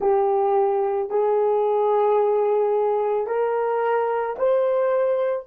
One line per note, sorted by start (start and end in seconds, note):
0.00 1.09 G4
1.09 3.26 G#4
3.26 4.35 A#4
4.38 5.46 C5